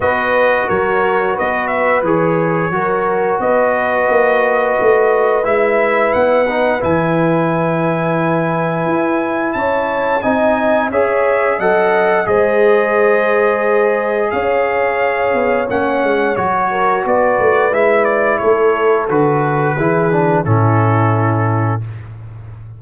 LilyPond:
<<
  \new Staff \with { instrumentName = "trumpet" } { \time 4/4 \tempo 4 = 88 dis''4 cis''4 dis''8 e''8 cis''4~ | cis''4 dis''2. | e''4 fis''4 gis''2~ | gis''2 a''4 gis''4 |
e''4 fis''4 dis''2~ | dis''4 f''2 fis''4 | cis''4 d''4 e''8 d''8 cis''4 | b'2 a'2 | }
  \new Staff \with { instrumentName = "horn" } { \time 4/4 b'4 ais'4 b'2 | ais'4 b'2.~ | b'1~ | b'2 cis''4 dis''4 |
cis''4 dis''4 c''2~ | c''4 cis''2.~ | cis''8 ais'8 b'2 a'4~ | a'4 gis'4 e'2 | }
  \new Staff \with { instrumentName = "trombone" } { \time 4/4 fis'2. gis'4 | fis'1 | e'4. dis'8 e'2~ | e'2. dis'4 |
gis'4 a'4 gis'2~ | gis'2. cis'4 | fis'2 e'2 | fis'4 e'8 d'8 cis'2 | }
  \new Staff \with { instrumentName = "tuba" } { \time 4/4 b4 fis4 b4 e4 | fis4 b4 ais4 a4 | gis4 b4 e2~ | e4 e'4 cis'4 c'4 |
cis'4 fis4 gis2~ | gis4 cis'4. b8 ais8 gis8 | fis4 b8 a8 gis4 a4 | d4 e4 a,2 | }
>>